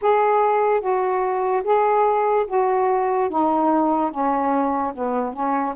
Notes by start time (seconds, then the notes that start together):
0.01 G#4
0.80 F#4
1.64 G#4
2.47 F#4
3.29 D#4
4.11 C#4
4.94 B3
5.33 C#4